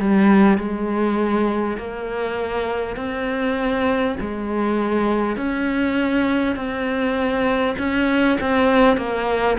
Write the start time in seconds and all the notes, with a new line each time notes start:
0.00 G3
0.58 G#3
1.77 A#3
2.96 C4
4.20 G#3
5.37 C#4
6.56 C4
7.78 C#4
8.40 C4
8.97 A#3